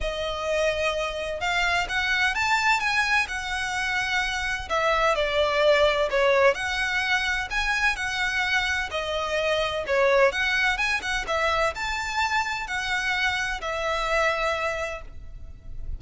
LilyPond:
\new Staff \with { instrumentName = "violin" } { \time 4/4 \tempo 4 = 128 dis''2. f''4 | fis''4 a''4 gis''4 fis''4~ | fis''2 e''4 d''4~ | d''4 cis''4 fis''2 |
gis''4 fis''2 dis''4~ | dis''4 cis''4 fis''4 gis''8 fis''8 | e''4 a''2 fis''4~ | fis''4 e''2. | }